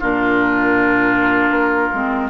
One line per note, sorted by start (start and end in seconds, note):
0.00 1.50 A#2
0.00 1.93 D4
0.00 2.30 F4
0.00 2.30 A#4
1.50 1.89 A#3
1.94 2.30 G#3
1.94 2.30 C4